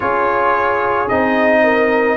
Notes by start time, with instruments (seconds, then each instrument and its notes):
0.00 tuba C#4, trombone F4, horn G#4, trumpet C#5
1.08 tuba C4, trombone D#4, trumpet D#5
1.63 horn A#4